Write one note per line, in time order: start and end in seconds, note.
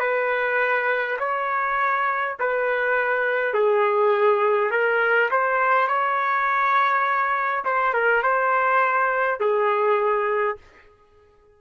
0.00 1.18 B4
1.19 2.37 C#5
2.40 3.53 B4
3.53 4.71 G#4
4.71 5.30 A#4
5.31 5.88 C5
5.88 7.65 C#5
7.65 7.94 C5
7.94 8.23 A#4
8.23 9.40 C5
9.40 10.58 G#4